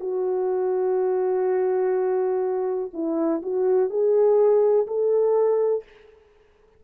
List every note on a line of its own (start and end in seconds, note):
0.00 2.90 F#4
2.93 3.41 E4
3.42 3.90 F#4
3.90 4.87 G#4
4.87 5.84 A4